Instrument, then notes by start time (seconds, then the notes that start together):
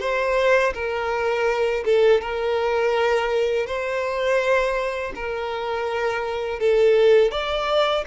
violin
0.00 C5
0.74 A#4
1.85 A4
2.21 A#4
3.67 C5
5.15 A#4
6.60 A4
7.31 D5